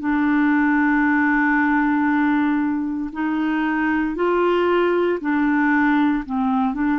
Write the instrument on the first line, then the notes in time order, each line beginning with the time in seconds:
clarinet
0.00 D4
3.13 D#4
4.16 F4
5.21 D4
6.25 C4
6.74 D4